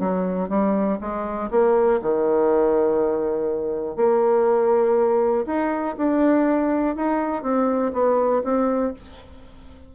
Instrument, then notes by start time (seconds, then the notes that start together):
bassoon
0.00 F#3
0.50 G3
1.01 G#3
1.51 A#3
2.02 D#3
3.96 A#3
5.47 D#4
5.98 D4
6.96 D#4
7.43 C4
7.93 B3
8.44 C4